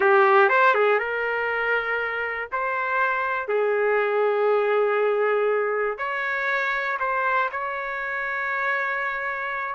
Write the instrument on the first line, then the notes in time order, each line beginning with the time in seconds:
trumpet
0.00 G4
0.49 C5
0.74 G#4
0.99 A#4
2.52 C5
3.47 G#4
5.97 C#5
6.99 C5
7.51 C#5